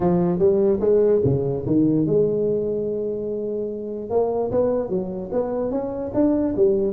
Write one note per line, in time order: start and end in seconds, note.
0.00 0.38 F3
0.38 0.79 G3
0.80 1.21 G#3
1.24 1.65 C#3
1.66 2.06 D#3
2.06 4.10 G#3
4.10 4.50 A#3
4.51 4.89 B3
4.89 5.29 F#3
5.32 5.71 B3
5.71 6.11 C#4
6.14 6.55 D4
6.56 6.92 G3